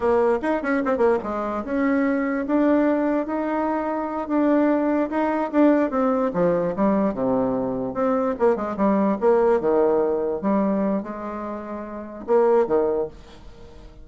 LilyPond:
\new Staff \with { instrumentName = "bassoon" } { \time 4/4 \tempo 4 = 147 ais4 dis'8 cis'8 c'8 ais8 gis4 | cis'2 d'2 | dis'2~ dis'8 d'4.~ | d'8 dis'4 d'4 c'4 f8~ |
f8 g4 c2 c'8~ | c'8 ais8 gis8 g4 ais4 dis8~ | dis4. g4. gis4~ | gis2 ais4 dis4 | }